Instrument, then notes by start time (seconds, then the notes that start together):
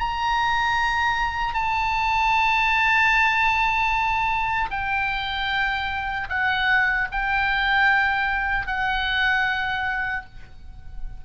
oboe
0.00 A#5
1.55 A5
4.71 G5
6.30 F#5
7.12 G5
8.67 F#5